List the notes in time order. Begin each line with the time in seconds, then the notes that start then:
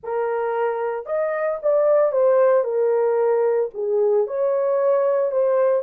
0.03 A#4
1.06 D#5
1.62 D5
2.11 C5
2.64 A#4
3.74 G#4
4.27 C#5
5.31 C5